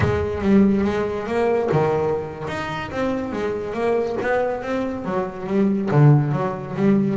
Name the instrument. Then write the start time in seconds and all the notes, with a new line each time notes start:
double bass
0.00 G#3
0.41 G3
0.84 G#3
1.26 A#3
1.71 D#3
2.47 D#4
2.91 C4
3.32 G#3
3.73 A#3
4.21 B3
4.62 C4
5.04 F#3
5.46 G3
5.91 D3
6.32 F#3
6.76 G3